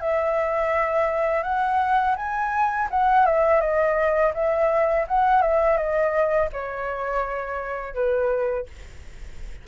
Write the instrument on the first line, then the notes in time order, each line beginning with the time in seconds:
flute
0.00 E5
1.43 F#5
2.16 G#5
2.90 F#5
3.26 E5
3.60 D#5
4.34 E5
5.08 F#5
5.42 E5
5.77 D#5
6.52 C#5
7.94 B4